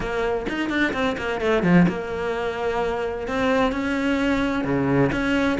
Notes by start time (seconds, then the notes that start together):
0.00 A#3
0.48 D#4
0.69 D4
0.93 C4
1.17 A#3
1.40 A3
1.63 F3
1.88 A#3
3.27 C4
3.72 C#4
4.64 C#3
5.11 C#4